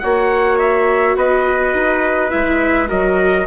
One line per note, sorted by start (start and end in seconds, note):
0.00 1.16 A#3
0.00 2.31 F#4
0.00 1.17 C#5
0.00 0.58 F#5
0.59 1.17 E5
1.16 1.74 B3
1.16 2.89 B4
1.16 2.31 D#5
1.74 2.31 D#4
2.31 2.91 G#3
2.31 2.88 E4
2.31 2.89 E5
2.88 3.47 F#3
2.88 3.46 F#4
2.88 3.47 A#4
2.88 3.47 D#5